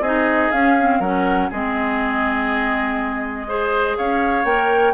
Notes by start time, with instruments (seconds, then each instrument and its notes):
0.00 bassoon C4, clarinet D#4, oboe G#4, flute D#5
0.52 bassoon C#4, clarinet C#4, flute F5
0.79 clarinet C4
0.99 bassoon F#3, clarinet C#4, oboe A#4, flute F#5
1.50 bassoon G#3, clarinet C4, oboe G#4, flute D#5
3.47 clarinet G#4, oboe C5
3.97 bassoon C#4, oboe C#5, flute F5
4.44 bassoon A#3, clarinet A#4, flute G5